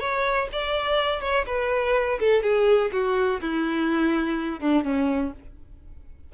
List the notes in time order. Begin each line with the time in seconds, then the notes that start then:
0.00 C#5
0.52 D5
1.21 C#5
1.47 B4
2.20 A4
2.43 G#4
2.92 F#4
3.42 E4
4.60 D4
4.85 C#4